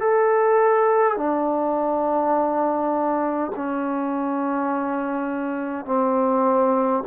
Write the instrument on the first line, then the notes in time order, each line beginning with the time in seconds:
trombone
0.00 A4
1.16 D4
3.56 C#4
5.86 C4